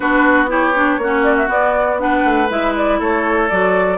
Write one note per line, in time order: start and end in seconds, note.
0.00 0.98 B3
0.00 0.48 D4
0.00 0.49 F#4
0.00 0.47 B4
0.48 0.73 E4
0.48 0.99 G4
0.48 1.23 C#5
0.75 1.00 D4
0.98 1.48 A#3
0.98 1.47 C#4
0.98 2.02 F#4
1.23 1.35 D5
1.36 1.49 E5
1.47 1.97 B3
1.47 2.23 B3
1.47 1.99 D5
1.98 2.48 D4
1.98 2.99 B4
1.98 2.49 F#5
2.24 2.49 A3
2.49 2.99 G#3
2.49 3.49 E4
2.49 2.75 E5
2.76 3.01 D5
2.99 3.49 A3
2.99 3.98 A4
2.99 3.49 C#5
3.49 3.98 F#3
3.49 3.98 F#4
3.49 3.98 D5